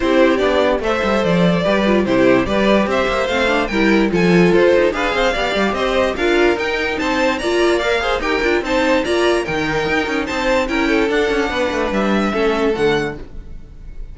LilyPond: <<
  \new Staff \with { instrumentName = "violin" } { \time 4/4 \tempo 4 = 146 c''4 d''4 e''4 d''4~ | d''4 c''4 d''4 e''4 | f''4 g''4 gis''4 c''4 | f''2 dis''4 f''4 |
g''4 a''4 ais''4 f''4 | g''4 a''4 ais''4 g''4~ | g''4 a''4 g''4 fis''4~ | fis''4 e''2 fis''4 | }
  \new Staff \with { instrumentName = "violin" } { \time 4/4 g'2 c''2 | b'4 g'4 b'4 c''4~ | c''4 ais'4 a'2 | b'8 c''8 d''4 c''4 ais'4~ |
ais'4 c''4 d''4. c''8 | ais'4 c''4 d''4 ais'4~ | ais'4 c''4 ais'8 a'4. | b'2 a'2 | }
  \new Staff \with { instrumentName = "viola" } { \time 4/4 e'4 d'4 a'2 | g'8 f'8 e'4 g'2 | c'8 d'8 e'4 f'2 | gis'4 g'2 f'4 |
dis'2 f'4 ais'8 gis'8 | g'8 f'8 dis'4 f'4 dis'4~ | dis'2 e'4 d'4~ | d'2 cis'4 a4 | }
  \new Staff \with { instrumentName = "cello" } { \time 4/4 c'4 b4 a8 g8 f4 | g4 c4 g4 c'8 ais8 | a4 g4 f4 f'8 dis'8 | d'8 c'8 b8 g8 c'4 d'4 |
dis'4 c'4 ais2 | dis'8 d'8 c'4 ais4 dis4 | dis'8 cis'8 c'4 cis'4 d'8 cis'8 | b8 a8 g4 a4 d4 | }
>>